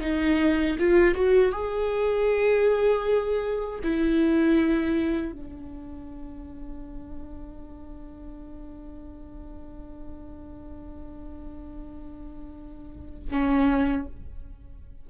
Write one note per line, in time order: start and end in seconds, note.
0.00 0.76 D#4
0.78 1.14 F4
1.14 1.52 F#4
1.52 3.79 G#4
3.83 5.32 E4
5.32 13.29 D4
13.29 14.05 C#4